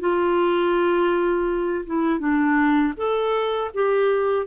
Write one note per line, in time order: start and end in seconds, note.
0.00 1.85 F4
1.86 2.19 E4
2.19 2.93 D4
2.97 3.71 A4
3.74 4.47 G4